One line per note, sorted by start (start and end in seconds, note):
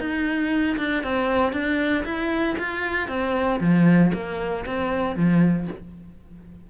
0.00 0.78 D#4
0.78 1.04 D4
1.04 1.53 C4
1.53 2.05 D4
2.05 2.57 E4
2.59 3.09 F4
3.09 3.60 C4
3.61 4.12 F3
4.14 4.66 A#3
4.66 5.16 C4
5.16 5.68 F3